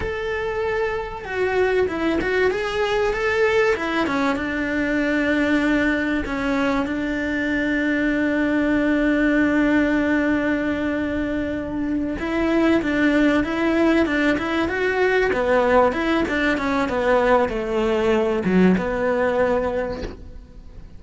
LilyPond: \new Staff \with { instrumentName = "cello" } { \time 4/4 \tempo 4 = 96 a'2 fis'4 e'8 fis'8 | gis'4 a'4 e'8 cis'8 d'4~ | d'2 cis'4 d'4~ | d'1~ |
d'2.~ d'8 e'8~ | e'8 d'4 e'4 d'8 e'8 fis'8~ | fis'8 b4 e'8 d'8 cis'8 b4 | a4. fis8 b2 | }